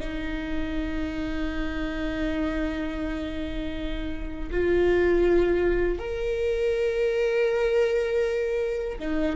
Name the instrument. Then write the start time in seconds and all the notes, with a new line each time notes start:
viola
0.00 D#4
4.51 F4
5.99 A#4
8.99 D#4